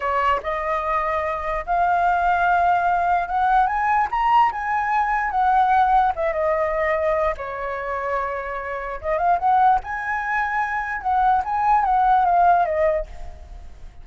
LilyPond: \new Staff \with { instrumentName = "flute" } { \time 4/4 \tempo 4 = 147 cis''4 dis''2. | f''1 | fis''4 gis''4 ais''4 gis''4~ | gis''4 fis''2 e''8 dis''8~ |
dis''2 cis''2~ | cis''2 dis''8 f''8 fis''4 | gis''2. fis''4 | gis''4 fis''4 f''4 dis''4 | }